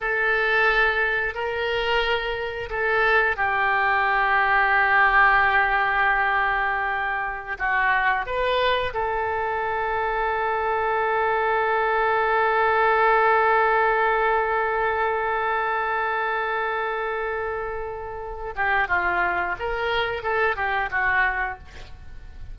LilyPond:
\new Staff \with { instrumentName = "oboe" } { \time 4/4 \tempo 4 = 89 a'2 ais'2 | a'4 g'2.~ | g'2.~ g'16 fis'8.~ | fis'16 b'4 a'2~ a'8.~ |
a'1~ | a'1~ | a'2.~ a'8 g'8 | f'4 ais'4 a'8 g'8 fis'4 | }